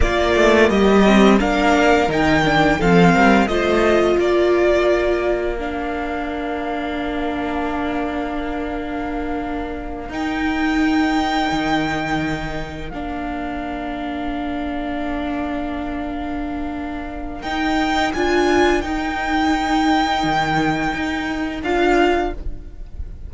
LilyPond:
<<
  \new Staff \with { instrumentName = "violin" } { \time 4/4 \tempo 4 = 86 d''4 dis''4 f''4 g''4 | f''4 dis''4 d''2 | f''1~ | f''2~ f''8 g''4.~ |
g''2~ g''8 f''4.~ | f''1~ | f''4 g''4 gis''4 g''4~ | g''2. f''4 | }
  \new Staff \with { instrumentName = "violin" } { \time 4/4 f'4 g'4 ais'2 | a'8 ais'8 c''4 ais'2~ | ais'1~ | ais'1~ |
ais'1~ | ais'1~ | ais'1~ | ais'1 | }
  \new Staff \with { instrumentName = "viola" } { \time 4/4 ais4. c'8 d'4 dis'8 d'8 | c'4 f'2. | d'1~ | d'2~ d'8 dis'4.~ |
dis'2~ dis'8 d'4.~ | d'1~ | d'4 dis'4 f'4 dis'4~ | dis'2. f'4 | }
  \new Staff \with { instrumentName = "cello" } { \time 4/4 ais8 a8 g4 ais4 dis4 | f8 g8 a4 ais2~ | ais1~ | ais2~ ais8 dis'4.~ |
dis'8 dis2 ais4.~ | ais1~ | ais4 dis'4 d'4 dis'4~ | dis'4 dis4 dis'4 d'4 | }
>>